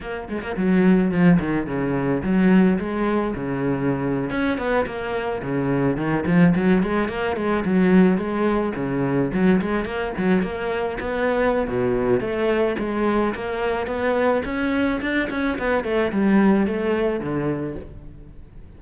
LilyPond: \new Staff \with { instrumentName = "cello" } { \time 4/4 \tempo 4 = 108 ais8 gis16 ais16 fis4 f8 dis8 cis4 | fis4 gis4 cis4.~ cis16 cis'16~ | cis'16 b8 ais4 cis4 dis8 f8 fis16~ | fis16 gis8 ais8 gis8 fis4 gis4 cis16~ |
cis8. fis8 gis8 ais8 fis8 ais4 b16~ | b4 b,4 a4 gis4 | ais4 b4 cis'4 d'8 cis'8 | b8 a8 g4 a4 d4 | }